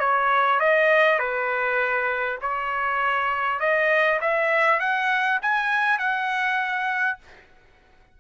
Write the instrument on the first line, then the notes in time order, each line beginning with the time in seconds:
trumpet
0.00 C#5
0.60 D#5
1.19 B4
2.42 C#5
3.60 D#5
4.21 E5
4.80 F#5
5.42 G#5
5.99 F#5